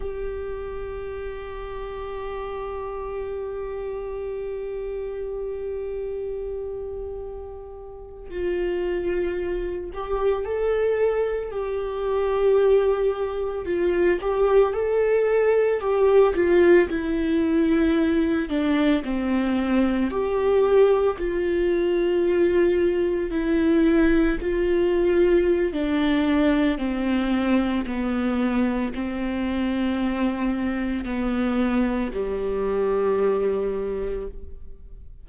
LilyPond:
\new Staff \with { instrumentName = "viola" } { \time 4/4 \tempo 4 = 56 g'1~ | g'2.~ g'8. f'16~ | f'4~ f'16 g'8 a'4 g'4~ g'16~ | g'8. f'8 g'8 a'4 g'8 f'8 e'16~ |
e'4~ e'16 d'8 c'4 g'4 f'16~ | f'4.~ f'16 e'4 f'4~ f'16 | d'4 c'4 b4 c'4~ | c'4 b4 g2 | }